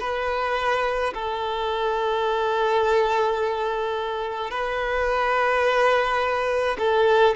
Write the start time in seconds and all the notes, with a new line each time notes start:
0.00 B4
1.14 A4
4.51 B4
6.79 A4